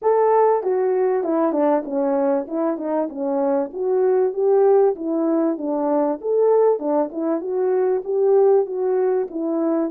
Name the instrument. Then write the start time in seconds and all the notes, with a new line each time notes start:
horn
0.02 A4
0.63 F#4
1.23 E4
1.52 D4
1.84 C#4
2.47 E4
2.77 D#4
3.09 C#4
3.73 F#4
4.33 G4
4.95 E4
5.57 D4
6.21 A4
6.79 D4
7.11 E4
7.40 F#4
8.04 G4
8.65 F#4
9.30 E4